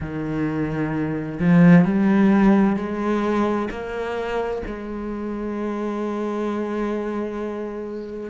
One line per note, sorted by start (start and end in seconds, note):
0.00 1.39 D#3
1.39 1.85 F3
1.85 2.76 G3
2.76 3.68 G#3
3.70 4.62 A#3
4.66 8.30 G#3